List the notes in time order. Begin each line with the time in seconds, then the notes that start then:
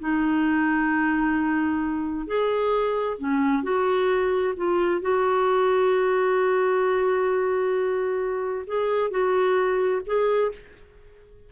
0.00 D#4
2.27 G#4
3.18 C#4
3.63 F#4
4.57 F4
5.01 F#4
8.67 G#4
9.11 F#4
10.06 G#4